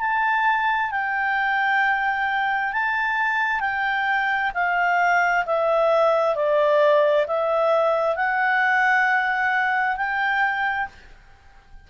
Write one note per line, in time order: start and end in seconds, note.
0.00 0.91 A5
0.91 2.72 G5
2.72 3.60 A5
3.60 4.51 G5
4.54 5.45 F5
5.46 6.36 E5
6.36 7.26 D5
7.27 8.16 E5
8.16 9.97 F#5
9.97 10.88 G5